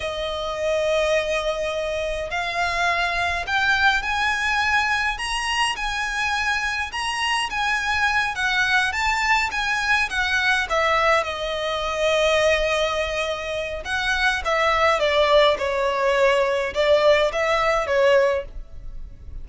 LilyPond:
\new Staff \with { instrumentName = "violin" } { \time 4/4 \tempo 4 = 104 dis''1 | f''2 g''4 gis''4~ | gis''4 ais''4 gis''2 | ais''4 gis''4. fis''4 a''8~ |
a''8 gis''4 fis''4 e''4 dis''8~ | dis''1 | fis''4 e''4 d''4 cis''4~ | cis''4 d''4 e''4 cis''4 | }